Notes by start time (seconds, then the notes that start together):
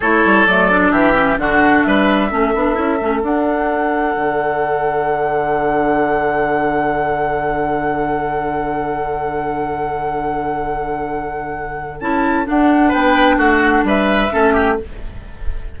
0.00 A3 E4 A4 C#5
0.24 G3
0.46 F#3 A3 D5
0.70 D4
0.91 E3 G4 E5
1.14 C#4
1.37 D3 D4 F#4 F#5
1.82 G3 B4 E5
2.30 A3 C#4 A4
2.54 B3 D4
2.74 C#4 E4
3.01 A3 C#4
3.20 D4 F#5
4.16 D3
12.00 C#4 E4 A5
12.44 D4 F#5
12.88 B3 B4 G5
13.37 A3 F#4 F#5
13.83 G3 B4 E5
14.31 A3 C#4 A4
14.53 G4